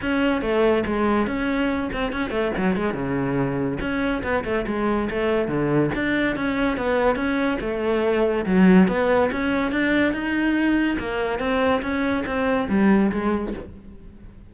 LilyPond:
\new Staff \with { instrumentName = "cello" } { \time 4/4 \tempo 4 = 142 cis'4 a4 gis4 cis'4~ | cis'8 c'8 cis'8 a8 fis8 gis8 cis4~ | cis4 cis'4 b8 a8 gis4 | a4 d4 d'4 cis'4 |
b4 cis'4 a2 | fis4 b4 cis'4 d'4 | dis'2 ais4 c'4 | cis'4 c'4 g4 gis4 | }